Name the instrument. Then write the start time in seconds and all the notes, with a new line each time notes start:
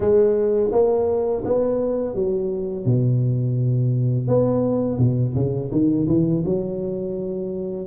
tuba
0.00 G#3
0.72 A#3
1.44 B3
2.15 F#3
2.85 B2
4.27 B3
4.98 B2
5.34 C#3
5.71 D#3
6.07 E3
6.45 F#3